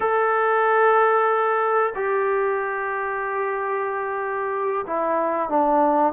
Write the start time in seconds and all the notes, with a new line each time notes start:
0.00 A4
1.95 G4
4.86 E4
5.49 D4